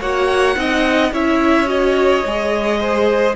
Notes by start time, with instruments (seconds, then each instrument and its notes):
0.00 cello A#3, viola F#4, violin C#5 F#5
0.55 cello C4, viola D#4, violin D#5
1.12 cello C#4, viola E4, violin C#5 E5
1.66 viola F#4, violin D#5
2.25 cello G#3, viola G#4
2.80 violin C5